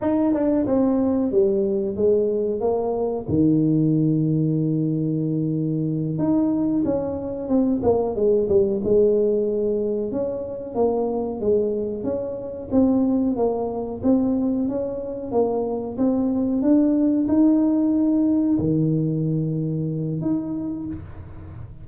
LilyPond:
\new Staff \with { instrumentName = "tuba" } { \time 4/4 \tempo 4 = 92 dis'8 d'8 c'4 g4 gis4 | ais4 dis2.~ | dis4. dis'4 cis'4 c'8 | ais8 gis8 g8 gis2 cis'8~ |
cis'8 ais4 gis4 cis'4 c'8~ | c'8 ais4 c'4 cis'4 ais8~ | ais8 c'4 d'4 dis'4.~ | dis'8 dis2~ dis8 dis'4 | }